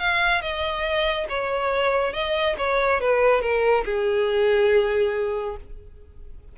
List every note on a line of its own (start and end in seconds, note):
0.00 0.42 F5
0.42 1.27 D#5
1.29 2.14 C#5
2.14 2.56 D#5
2.58 3.01 C#5
3.01 3.42 B4
3.42 3.85 A#4
3.85 5.57 G#4